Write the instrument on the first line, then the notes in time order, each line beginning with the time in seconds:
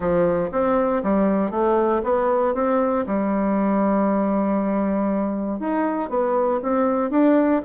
bassoon
0.00 F3
0.51 C4
1.03 G3
1.50 A3
2.03 B3
2.54 C4
3.06 G3
5.59 D#4
6.09 B3
6.62 C4
7.10 D4